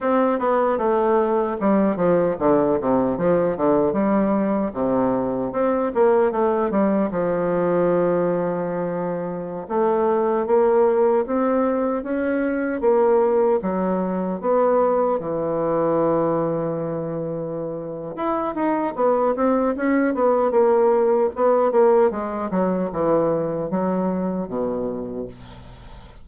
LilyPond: \new Staff \with { instrumentName = "bassoon" } { \time 4/4 \tempo 4 = 76 c'8 b8 a4 g8 f8 d8 c8 | f8 d8 g4 c4 c'8 ais8 | a8 g8 f2.~ | f16 a4 ais4 c'4 cis'8.~ |
cis'16 ais4 fis4 b4 e8.~ | e2. e'8 dis'8 | b8 c'8 cis'8 b8 ais4 b8 ais8 | gis8 fis8 e4 fis4 b,4 | }